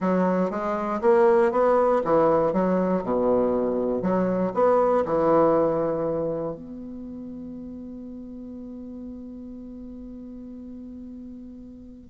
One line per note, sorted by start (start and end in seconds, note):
0.00 0.50 F#3
0.50 1.00 G#3
1.01 1.51 A#3
1.51 2.02 B3
2.04 2.52 E3
2.52 3.03 F#3
3.03 4.02 B2
4.02 4.52 F#3
4.54 5.04 B3
5.05 6.55 E3
6.55 12.09 B3